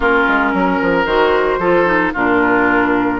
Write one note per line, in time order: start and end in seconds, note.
0.00 0.25 A#3
0.00 1.07 C#4
0.00 0.52 F4
0.00 1.05 A#4
0.28 0.53 G#3
0.53 0.80 F#3
0.53 1.59 A#4
0.81 1.05 F3
1.05 1.58 D#3
1.05 1.60 F#4
1.05 2.12 C5
1.58 2.11 F3
1.58 1.85 F4
1.58 2.13 A4
1.85 2.12 D#4
2.13 3.20 A#2
2.13 3.20 D4
2.13 3.20 F4
2.13 3.20 A#4